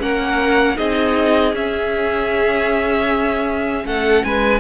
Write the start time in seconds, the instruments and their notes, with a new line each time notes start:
0.00 cello A#3, viola C#4, violin A#4 F#5
0.76 cello C4, viola D#4, violin G#4 D#5
1.54 cello C#4, viola C#4, violin E5
3.85 cello A3, violin A4 F#5
4.25 cello G#3, violin B4 G#5